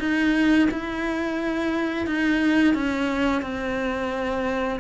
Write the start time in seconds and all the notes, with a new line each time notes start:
0.00 D#4
0.71 E4
2.07 D#4
2.75 C#4
3.42 C4